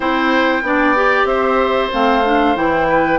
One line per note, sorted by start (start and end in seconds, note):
0.00 0.62 C4
0.00 0.62 E4
0.00 0.62 C5
0.00 1.26 G5
0.62 1.24 B3
0.62 0.95 D4
0.62 1.28 D5
0.95 1.91 G4
1.24 1.88 C4
1.24 2.87 C5
1.24 1.90 E5
1.91 2.55 A3
1.91 2.23 C4
1.91 2.56 F5
2.24 2.55 D4
2.55 3.18 E3
2.55 3.18 E4
2.55 3.18 G5
2.88 3.18 B4